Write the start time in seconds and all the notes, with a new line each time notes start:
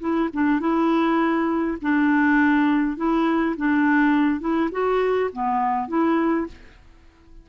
0.00 E4
0.33 D4
0.60 E4
1.82 D4
2.97 E4
3.57 D4
4.40 E4
4.71 F#4
5.33 B3
5.88 E4